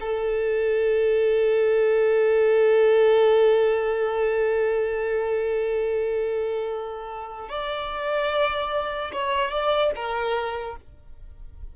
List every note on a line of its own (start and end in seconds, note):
0.00 7.49 A4
7.49 9.11 D5
9.13 9.51 C#5
9.51 9.91 D5
9.95 10.76 A#4